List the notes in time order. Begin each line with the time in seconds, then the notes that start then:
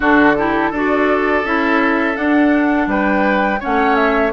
0.00 D3 D4 F#4 A4
0.37 E4 G4
0.70 D4 F#4 A4 D5
1.44 C#4 E4 E5
2.14 D4 F#5
2.87 G3 B4 G5
3.60 A3 C#4 C#5 F#5
3.95 E5